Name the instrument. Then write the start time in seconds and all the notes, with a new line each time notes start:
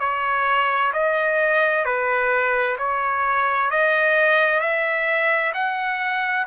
trumpet
0.00 C#5
0.93 D#5
1.85 B4
2.79 C#5
3.70 D#5
4.60 E5
5.54 F#5